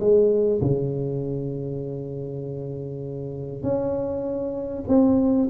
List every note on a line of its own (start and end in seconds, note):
0.00 0.61 G#3
0.61 3.63 C#3
3.63 4.84 C#4
4.88 5.48 C4